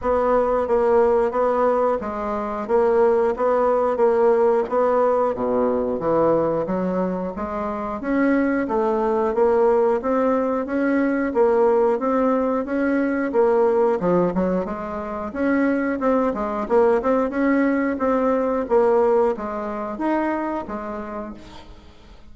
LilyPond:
\new Staff \with { instrumentName = "bassoon" } { \time 4/4 \tempo 4 = 90 b4 ais4 b4 gis4 | ais4 b4 ais4 b4 | b,4 e4 fis4 gis4 | cis'4 a4 ais4 c'4 |
cis'4 ais4 c'4 cis'4 | ais4 f8 fis8 gis4 cis'4 | c'8 gis8 ais8 c'8 cis'4 c'4 | ais4 gis4 dis'4 gis4 | }